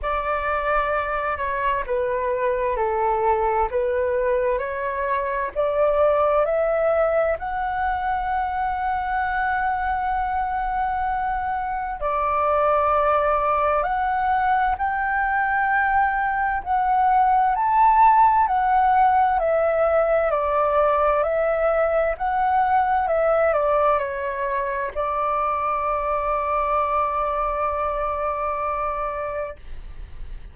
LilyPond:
\new Staff \with { instrumentName = "flute" } { \time 4/4 \tempo 4 = 65 d''4. cis''8 b'4 a'4 | b'4 cis''4 d''4 e''4 | fis''1~ | fis''4 d''2 fis''4 |
g''2 fis''4 a''4 | fis''4 e''4 d''4 e''4 | fis''4 e''8 d''8 cis''4 d''4~ | d''1 | }